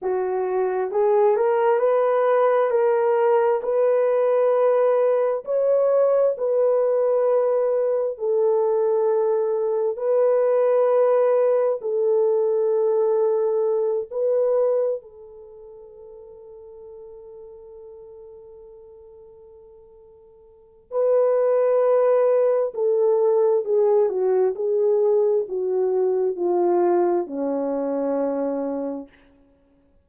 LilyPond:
\new Staff \with { instrumentName = "horn" } { \time 4/4 \tempo 4 = 66 fis'4 gis'8 ais'8 b'4 ais'4 | b'2 cis''4 b'4~ | b'4 a'2 b'4~ | b'4 a'2~ a'8 b'8~ |
b'8 a'2.~ a'8~ | a'2. b'4~ | b'4 a'4 gis'8 fis'8 gis'4 | fis'4 f'4 cis'2 | }